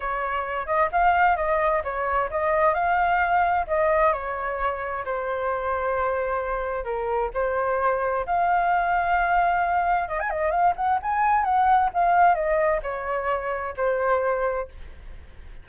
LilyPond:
\new Staff \with { instrumentName = "flute" } { \time 4/4 \tempo 4 = 131 cis''4. dis''8 f''4 dis''4 | cis''4 dis''4 f''2 | dis''4 cis''2 c''4~ | c''2. ais'4 |
c''2 f''2~ | f''2 dis''16 gis''16 dis''8 f''8 fis''8 | gis''4 fis''4 f''4 dis''4 | cis''2 c''2 | }